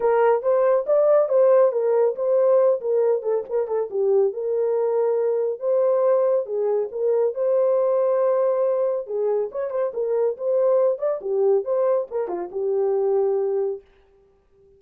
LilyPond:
\new Staff \with { instrumentName = "horn" } { \time 4/4 \tempo 4 = 139 ais'4 c''4 d''4 c''4 | ais'4 c''4. ais'4 a'8 | ais'8 a'8 g'4 ais'2~ | ais'4 c''2 gis'4 |
ais'4 c''2.~ | c''4 gis'4 cis''8 c''8 ais'4 | c''4. d''8 g'4 c''4 | ais'8 f'8 g'2. | }